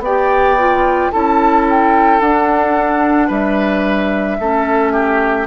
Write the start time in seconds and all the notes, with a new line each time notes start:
0.00 B3 D5 G5
0.06 G4
0.59 F4
1.12 C#4 E4 A4 A5
1.70 G5
2.21 D4 F#5
3.28 G3 B4 E5
4.40 A3 C#4 A4
4.93 G4